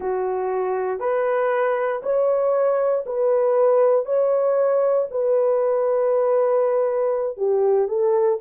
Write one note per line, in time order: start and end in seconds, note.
0.00 0.99 F#4
0.99 2.01 B4
2.02 3.04 C#5
3.06 4.05 B4
4.05 5.07 C#5
5.10 7.37 B4
7.37 7.88 G4
7.88 8.39 A4